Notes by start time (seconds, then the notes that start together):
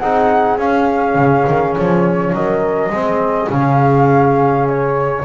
0.00 C4 D#4 G#4 F#5
0.58 C#4 F5
1.15 C#3
1.48 D#3
1.77 F3 C#5
2.33 F#3 A#4 D#5
2.90 G#3 C4 G#4
3.50 C#3 C#4 F5
4.69 C#5